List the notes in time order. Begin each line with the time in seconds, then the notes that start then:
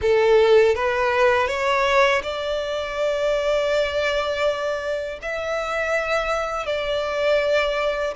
0.01 A4
0.75 B4
1.47 C#5
2.22 D5
5.22 E5
6.65 D5